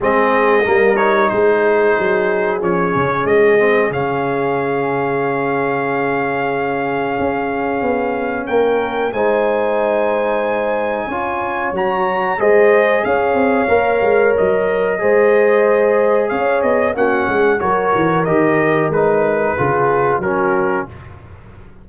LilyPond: <<
  \new Staff \with { instrumentName = "trumpet" } { \time 4/4 \tempo 4 = 92 dis''4. cis''8 c''2 | cis''4 dis''4 f''2~ | f''1~ | f''4 g''4 gis''2~ |
gis''2 ais''4 dis''4 | f''2 dis''2~ | dis''4 f''8 dis''8 fis''4 cis''4 | dis''4 b'2 ais'4 | }
  \new Staff \with { instrumentName = "horn" } { \time 4/4 gis'4 ais'4 gis'2~ | gis'1~ | gis'1~ | gis'4 ais'4 c''2~ |
c''4 cis''2 c''4 | cis''2. c''4~ | c''4 cis''4 fis'8 gis'8 ais'4~ | ais'2 gis'4 fis'4 | }
  \new Staff \with { instrumentName = "trombone" } { \time 4/4 c'4 ais8 dis'2~ dis'8 | cis'4. c'8 cis'2~ | cis'1~ | cis'2 dis'2~ |
dis'4 f'4 fis'4 gis'4~ | gis'4 ais'2 gis'4~ | gis'2 cis'4 fis'4 | g'4 dis'4 f'4 cis'4 | }
  \new Staff \with { instrumentName = "tuba" } { \time 4/4 gis4 g4 gis4 fis4 | f8 cis8 gis4 cis2~ | cis2. cis'4 | b4 ais4 gis2~ |
gis4 cis'4 fis4 gis4 | cis'8 c'8 ais8 gis8 fis4 gis4~ | gis4 cis'8 b8 ais8 gis8 fis8 e8 | dis4 gis4 cis4 fis4 | }
>>